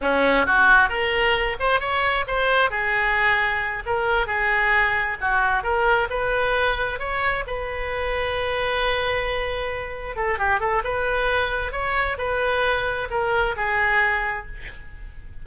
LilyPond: \new Staff \with { instrumentName = "oboe" } { \time 4/4 \tempo 4 = 133 cis'4 fis'4 ais'4. c''8 | cis''4 c''4 gis'2~ | gis'8 ais'4 gis'2 fis'8~ | fis'8 ais'4 b'2 cis''8~ |
cis''8 b'2.~ b'8~ | b'2~ b'8 a'8 g'8 a'8 | b'2 cis''4 b'4~ | b'4 ais'4 gis'2 | }